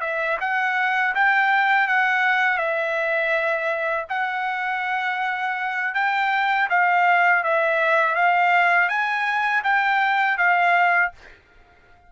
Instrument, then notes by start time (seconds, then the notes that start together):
trumpet
0.00 E5
0.40 F#5
1.14 G5
1.87 F#5
2.57 E5
4.09 F#5
5.94 G5
6.69 F5
7.43 E5
8.15 F5
8.89 G#5
9.63 G5
10.37 F5